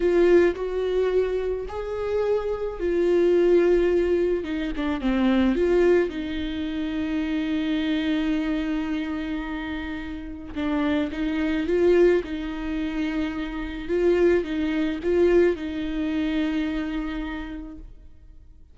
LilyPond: \new Staff \with { instrumentName = "viola" } { \time 4/4 \tempo 4 = 108 f'4 fis'2 gis'4~ | gis'4 f'2. | dis'8 d'8 c'4 f'4 dis'4~ | dis'1~ |
dis'2. d'4 | dis'4 f'4 dis'2~ | dis'4 f'4 dis'4 f'4 | dis'1 | }